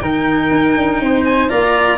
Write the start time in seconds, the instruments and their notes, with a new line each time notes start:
0.00 tuba D#3, cello D#4, flute A#4, violin G5
0.51 tuba D#4
0.76 tuba D4
0.99 tuba C4, flute C5
1.24 violin G#5
1.49 tuba A#3, cello F4, flute D5, violin A#5